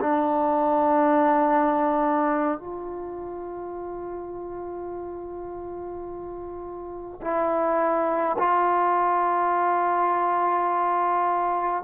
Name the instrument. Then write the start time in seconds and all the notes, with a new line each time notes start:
trombone
0.00 D4
2.59 F4
7.21 E4
8.38 F4